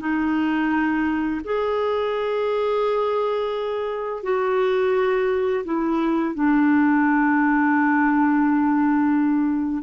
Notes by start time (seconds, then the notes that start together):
0.00 D#4
1.44 G#4
4.23 F#4
5.65 E4
6.35 D4